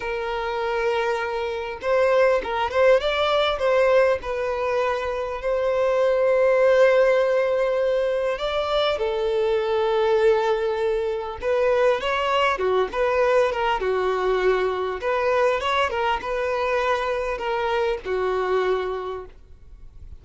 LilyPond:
\new Staff \with { instrumentName = "violin" } { \time 4/4 \tempo 4 = 100 ais'2. c''4 | ais'8 c''8 d''4 c''4 b'4~ | b'4 c''2.~ | c''2 d''4 a'4~ |
a'2. b'4 | cis''4 fis'8 b'4 ais'8 fis'4~ | fis'4 b'4 cis''8 ais'8 b'4~ | b'4 ais'4 fis'2 | }